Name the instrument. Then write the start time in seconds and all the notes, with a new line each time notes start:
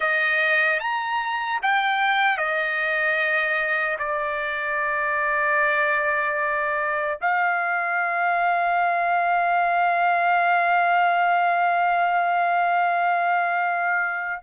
trumpet
0.00 D#5
0.79 A#5
1.62 G5
2.37 D#5
3.99 D5
7.21 F5